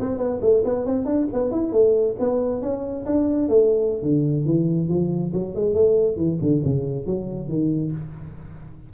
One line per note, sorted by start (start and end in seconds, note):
0.00 0.18 C4
0.18 0.40 B3
0.41 0.63 A3
0.64 0.86 B3
0.86 1.05 C4
1.05 1.27 D4
1.33 1.51 B3
1.51 1.72 E4
1.72 2.15 A3
2.19 2.62 B3
2.62 3.05 C#4
3.06 3.48 D4
3.48 4.03 A3
4.03 4.45 D3
4.45 4.89 E3
4.89 5.32 F3
5.33 5.55 F#3
5.55 5.74 G#3
5.74 6.17 A3
6.17 6.38 E3
6.41 6.63 D3
6.64 7.06 C#3
7.06 7.48 F#3
7.48 7.92 D#3